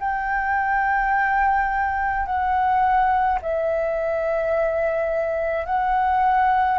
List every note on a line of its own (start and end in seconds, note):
0.00 2.26 G5
2.26 3.39 F#5
3.42 5.66 E5
5.66 6.79 F#5